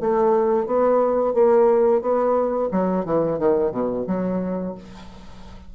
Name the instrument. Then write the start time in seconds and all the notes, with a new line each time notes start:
bassoon
0.00 A3
0.66 B3
1.34 A#3
2.01 B3
2.71 F#3
3.05 E3
3.38 D#3
3.71 B2
4.07 F#3